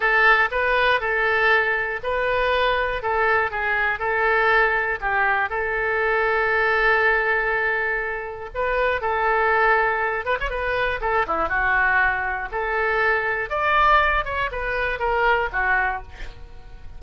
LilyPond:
\new Staff \with { instrumentName = "oboe" } { \time 4/4 \tempo 4 = 120 a'4 b'4 a'2 | b'2 a'4 gis'4 | a'2 g'4 a'4~ | a'1~ |
a'4 b'4 a'2~ | a'8 b'16 cis''16 b'4 a'8 e'8 fis'4~ | fis'4 a'2 d''4~ | d''8 cis''8 b'4 ais'4 fis'4 | }